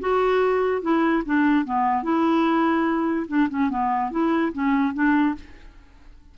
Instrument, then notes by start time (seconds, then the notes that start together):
clarinet
0.00 F#4
0.82 E4
1.25 D4
1.65 B3
2.03 E4
3.28 D4
3.49 C#4
3.70 B3
4.11 E4
4.53 C#4
4.94 D4